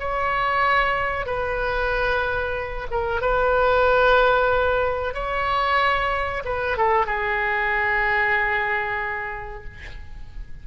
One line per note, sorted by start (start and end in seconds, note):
0.00 1.27 C#5
1.27 2.88 B4
2.91 3.22 A#4
3.22 5.15 B4
5.15 6.44 C#5
6.45 6.78 B4
6.78 7.06 A4
7.06 9.65 G#4